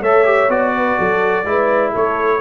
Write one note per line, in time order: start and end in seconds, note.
0.00 0.49 A3
0.00 0.25 A4
0.00 0.71 C#5
0.00 0.50 E5
0.25 0.49 G4
0.49 0.97 B3
0.49 1.45 F#4
0.49 1.93 D5
0.75 0.98 B4
0.98 1.45 F#3
0.98 1.46 A4
1.45 1.92 G#3
1.45 2.41 E4
1.45 1.91 B4
1.91 2.41 A3
1.91 2.39 A4
1.91 2.41 C#5